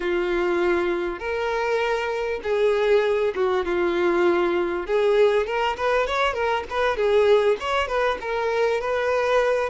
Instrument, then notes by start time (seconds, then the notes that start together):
violin
0.00 F4
1.19 A#4
2.43 G#4
3.35 F#4
3.65 F4
4.86 G#4
5.46 A#4
5.76 B4
6.07 C#5
6.33 A#4
6.70 B4
6.96 G#4
7.60 C#5
7.87 B4
8.21 A#4
8.80 B4